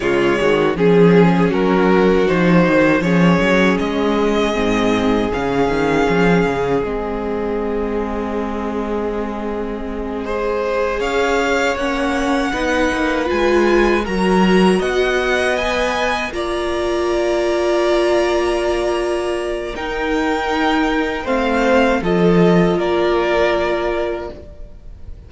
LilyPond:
<<
  \new Staff \with { instrumentName = "violin" } { \time 4/4 \tempo 4 = 79 cis''4 gis'4 ais'4 c''4 | cis''4 dis''2 f''4~ | f''4 dis''2.~ | dis''2~ dis''8 f''4 fis''8~ |
fis''4. gis''4 ais''4 fis''8~ | fis''8 gis''4 ais''2~ ais''8~ | ais''2 g''2 | f''4 dis''4 d''2 | }
  \new Staff \with { instrumentName = "violin" } { \time 4/4 f'8 fis'8 gis'4 fis'2 | gis'1~ | gis'1~ | gis'4. c''4 cis''4.~ |
cis''8 b'2 ais'4 dis''8~ | dis''4. d''2~ d''8~ | d''2 ais'2 | c''4 a'4 ais'2 | }
  \new Staff \with { instrumentName = "viola" } { \time 4/4 gis4 cis'2 dis'4 | cis'2 c'4 cis'4~ | cis'4 c'2.~ | c'4. gis'2 cis'8~ |
cis'8 dis'4 f'4 fis'4.~ | fis'8 b'4 f'2~ f'8~ | f'2 dis'2 | c'4 f'2. | }
  \new Staff \with { instrumentName = "cello" } { \time 4/4 cis8 dis8 f4 fis4 f8 dis8 | f8 fis8 gis4 gis,4 cis8 dis8 | f8 cis8 gis2.~ | gis2~ gis8 cis'4 ais8~ |
ais8 b8 ais8 gis4 fis4 b8~ | b4. ais2~ ais8~ | ais2 dis'2 | a4 f4 ais2 | }
>>